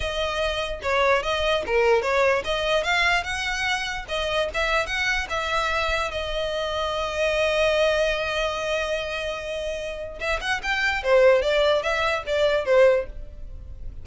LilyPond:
\new Staff \with { instrumentName = "violin" } { \time 4/4 \tempo 4 = 147 dis''2 cis''4 dis''4 | ais'4 cis''4 dis''4 f''4 | fis''2 dis''4 e''4 | fis''4 e''2 dis''4~ |
dis''1~ | dis''1~ | dis''4 e''8 fis''8 g''4 c''4 | d''4 e''4 d''4 c''4 | }